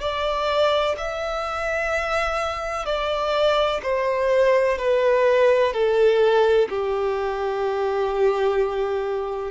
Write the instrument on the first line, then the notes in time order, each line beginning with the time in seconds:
violin
0.00 D5
0.97 E5
2.85 D5
3.83 C5
4.78 B4
5.73 A4
6.69 G4